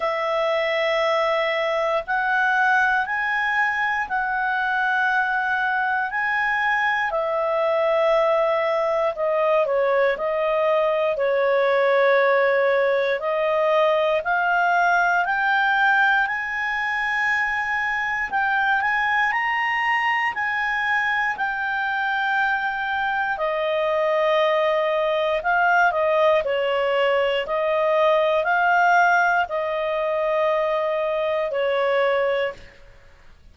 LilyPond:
\new Staff \with { instrumentName = "clarinet" } { \time 4/4 \tempo 4 = 59 e''2 fis''4 gis''4 | fis''2 gis''4 e''4~ | e''4 dis''8 cis''8 dis''4 cis''4~ | cis''4 dis''4 f''4 g''4 |
gis''2 g''8 gis''8 ais''4 | gis''4 g''2 dis''4~ | dis''4 f''8 dis''8 cis''4 dis''4 | f''4 dis''2 cis''4 | }